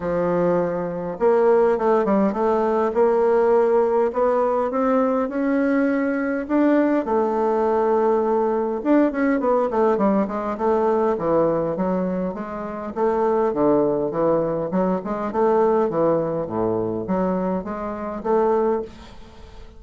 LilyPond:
\new Staff \with { instrumentName = "bassoon" } { \time 4/4 \tempo 4 = 102 f2 ais4 a8 g8 | a4 ais2 b4 | c'4 cis'2 d'4 | a2. d'8 cis'8 |
b8 a8 g8 gis8 a4 e4 | fis4 gis4 a4 d4 | e4 fis8 gis8 a4 e4 | a,4 fis4 gis4 a4 | }